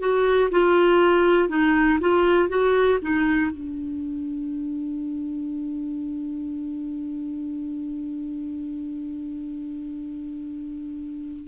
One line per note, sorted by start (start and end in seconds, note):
0.00 0.50 F#4
0.51 1.49 F4
1.49 1.99 D#4
2.00 2.49 F4
2.49 2.99 F#4
3.02 3.50 D#4
3.50 11.48 D4